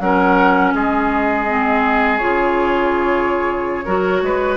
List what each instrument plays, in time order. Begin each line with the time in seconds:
0.00 bassoon F#3, clarinet C#4, oboe A#4, flute F#5
0.74 bassoon G#3, oboe G#4, flute D#5
1.47 clarinet C4
2.18 bassoon C#3, clarinet F4, flute C#5
3.85 bassoon F#3, clarinet F#4, oboe A#4
4.22 bassoon G#3, oboe B4